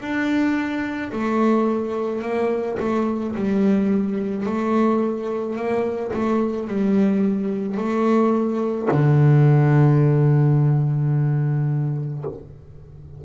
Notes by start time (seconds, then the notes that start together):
0.00 D4
1.12 A3
2.22 A#3
2.79 A3
3.35 G3
4.46 A3
5.56 A#3
6.13 A3
6.68 G3
7.77 A3
8.91 D3